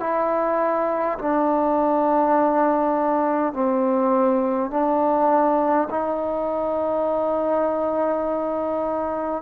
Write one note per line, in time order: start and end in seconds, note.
0.00 1.18 E4
1.19 3.53 D4
3.53 4.71 C4
4.71 5.88 D4
5.90 9.42 D#4